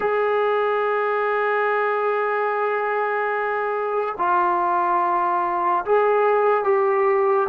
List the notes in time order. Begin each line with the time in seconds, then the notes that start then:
0.00 G#4
4.17 F4
5.85 G#4
6.64 G4